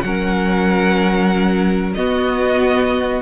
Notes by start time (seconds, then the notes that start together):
0.00 F#3 C#4 A#4 F#5
1.94 B3 F#4 D#5